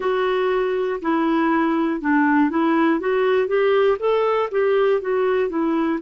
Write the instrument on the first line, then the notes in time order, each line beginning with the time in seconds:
clarinet
0.00 F#4
1.01 E4
2.00 D4
2.50 E4
3.00 F#4
3.47 G4
3.99 A4
4.50 G4
5.00 F#4
5.49 E4